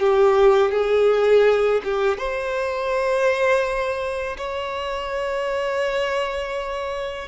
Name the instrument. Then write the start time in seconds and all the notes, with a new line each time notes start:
violin
0.00 G4
0.72 G#4
1.85 G4
2.18 C5
4.38 C#5